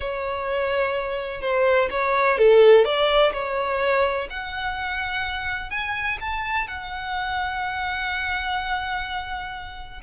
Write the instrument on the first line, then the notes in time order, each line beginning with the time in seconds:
violin
0.00 C#5
1.41 C5
1.90 C#5
2.38 A4
2.84 D5
3.32 C#5
4.30 F#5
5.70 G#5
6.20 A5
6.67 F#5